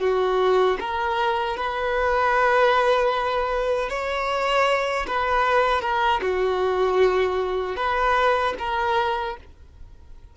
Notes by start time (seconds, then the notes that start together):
0.00 F#4
0.80 A#4
1.57 B4
3.90 C#5
5.07 B4
5.82 A#4
6.22 F#4
7.76 B4
8.59 A#4